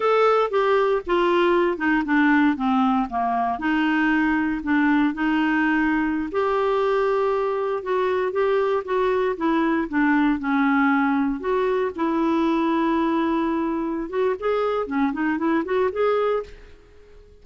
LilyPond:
\new Staff \with { instrumentName = "clarinet" } { \time 4/4 \tempo 4 = 117 a'4 g'4 f'4. dis'8 | d'4 c'4 ais4 dis'4~ | dis'4 d'4 dis'2~ | dis'16 g'2. fis'8.~ |
fis'16 g'4 fis'4 e'4 d'8.~ | d'16 cis'2 fis'4 e'8.~ | e'2.~ e'8 fis'8 | gis'4 cis'8 dis'8 e'8 fis'8 gis'4 | }